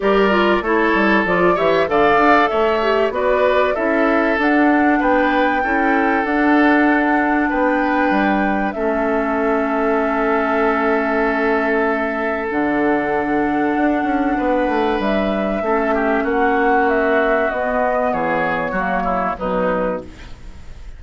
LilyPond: <<
  \new Staff \with { instrumentName = "flute" } { \time 4/4 \tempo 4 = 96 d''4 cis''4 d''8 e''8 f''4 | e''4 d''4 e''4 fis''4 | g''2 fis''2 | g''2 e''2~ |
e''1 | fis''1 | e''2 fis''4 e''4 | dis''4 cis''2 b'4 | }
  \new Staff \with { instrumentName = "oboe" } { \time 4/4 ais'4 a'4. cis''8 d''4 | cis''4 b'4 a'2 | b'4 a'2. | b'2 a'2~ |
a'1~ | a'2. b'4~ | b'4 a'8 g'8 fis'2~ | fis'4 gis'4 fis'8 e'8 dis'4 | }
  \new Staff \with { instrumentName = "clarinet" } { \time 4/4 g'8 f'8 e'4 f'8 g'8 a'4~ | a'8 g'8 fis'4 e'4 d'4~ | d'4 e'4 d'2~ | d'2 cis'2~ |
cis'1 | d'1~ | d'4 cis'2. | b2 ais4 fis4 | }
  \new Staff \with { instrumentName = "bassoon" } { \time 4/4 g4 a8 g8 f8 e8 d8 d'8 | a4 b4 cis'4 d'4 | b4 cis'4 d'2 | b4 g4 a2~ |
a1 | d2 d'8 cis'8 b8 a8 | g4 a4 ais2 | b4 e4 fis4 b,4 | }
>>